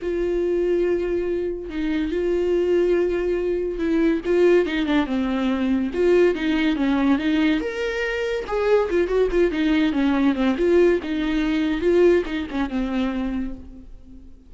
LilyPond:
\new Staff \with { instrumentName = "viola" } { \time 4/4 \tempo 4 = 142 f'1 | dis'4 f'2.~ | f'4 e'4 f'4 dis'8 d'8 | c'2 f'4 dis'4 |
cis'4 dis'4 ais'2 | gis'4 f'8 fis'8 f'8 dis'4 cis'8~ | cis'8 c'8 f'4 dis'2 | f'4 dis'8 cis'8 c'2 | }